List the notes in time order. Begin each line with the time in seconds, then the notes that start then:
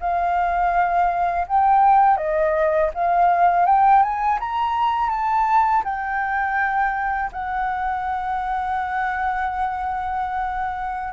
0.00 F5
1.47 G5
2.17 D#5
2.94 F5
3.66 G5
4.02 G#5
4.40 A#5
5.10 A5
5.84 G5
7.32 F#5